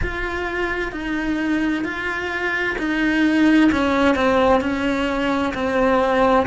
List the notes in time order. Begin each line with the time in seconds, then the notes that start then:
0.02 F4
0.91 D#4
1.84 F4
2.78 D#4
3.71 C#4
4.15 C4
4.61 C#4
5.54 C4